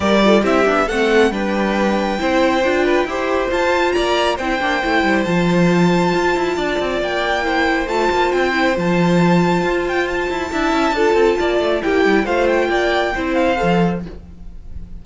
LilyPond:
<<
  \new Staff \with { instrumentName = "violin" } { \time 4/4 \tempo 4 = 137 d''4 e''4 fis''4 g''4~ | g''1 | a''4 ais''4 g''2 | a''1 |
g''2 a''4 g''4 | a''2~ a''8 g''8 a''4~ | a''2. g''4 | f''8 g''2 f''4. | }
  \new Staff \with { instrumentName = "violin" } { \time 4/4 ais'8 a'8 g'4 a'4 b'4~ | b'4 c''4. b'8 c''4~ | c''4 d''4 c''2~ | c''2. d''4~ |
d''4 c''2.~ | c''1 | e''4 a'4 d''4 g'4 | c''4 d''4 c''2 | }
  \new Staff \with { instrumentName = "viola" } { \time 4/4 g'8 f'8 e'8 d'8 c'4 d'4~ | d'4 e'4 f'4 g'4 | f'2 e'8 d'8 e'4 | f'1~ |
f'4 e'4 f'4. e'8 | f'1 | e'4 f'2 e'4 | f'2 e'4 a'4 | }
  \new Staff \with { instrumentName = "cello" } { \time 4/4 g4 c'8 b8 a4 g4~ | g4 c'4 d'4 e'4 | f'4 ais4 c'8 ais8 a8 g8 | f2 f'8 e'8 d'8 c'8 |
ais2 a8 ais8 c'4 | f2 f'4. e'8 | d'8 cis'8 d'8 c'8 ais8 a8 ais8 g8 | a4 ais4 c'4 f4 | }
>>